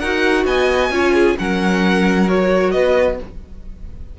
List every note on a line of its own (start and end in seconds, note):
0.00 0.45 D#4
0.00 0.92 F#4
0.00 0.45 A#4
0.00 0.45 F#5
0.45 0.90 B3
0.45 0.92 D#5
0.45 1.37 G#5
0.90 1.35 C#4
0.90 1.37 F4
0.90 1.14 C#5
1.14 1.36 G#4
1.38 2.75 F#3
1.38 2.28 C#4
1.38 2.73 A#4
1.38 2.29 F#5
2.28 3.19 F#4
2.28 2.72 C#5
2.72 3.20 B3
2.72 3.18 B4
2.72 3.17 D#5